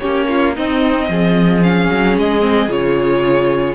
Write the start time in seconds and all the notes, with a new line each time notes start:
0.00 A#3 C#4 G4 C#5
0.29 F4
0.56 C4 D#4 D#5
1.09 F3 G#4
1.63 C#4 F5
1.90 F#3
2.17 G#3 D#5
2.41 C4
2.69 C#3 F4 C#5